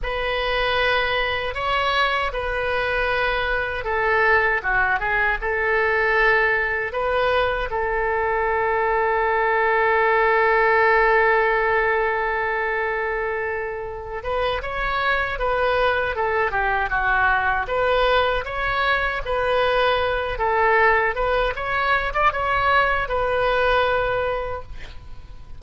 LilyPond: \new Staff \with { instrumentName = "oboe" } { \time 4/4 \tempo 4 = 78 b'2 cis''4 b'4~ | b'4 a'4 fis'8 gis'8 a'4~ | a'4 b'4 a'2~ | a'1~ |
a'2~ a'8 b'8 cis''4 | b'4 a'8 g'8 fis'4 b'4 | cis''4 b'4. a'4 b'8 | cis''8. d''16 cis''4 b'2 | }